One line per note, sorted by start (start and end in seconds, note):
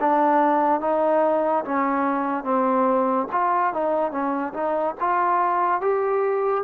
0.00 0.81 D4
0.81 1.64 D#4
1.64 2.44 C#4
2.44 3.27 C4
3.32 3.73 F4
3.73 4.11 D#4
4.11 4.53 C#4
4.53 4.95 D#4
5.00 5.81 F4
5.81 6.64 G4